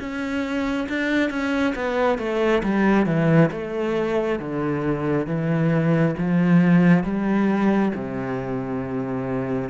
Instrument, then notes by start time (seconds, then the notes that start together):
cello
0.00 C#4
0.89 D4
1.30 C#4
1.75 B3
2.19 A3
2.64 G3
3.06 E3
3.52 A3
4.40 D3
5.27 E3
6.18 F3
7.04 G3
7.95 C3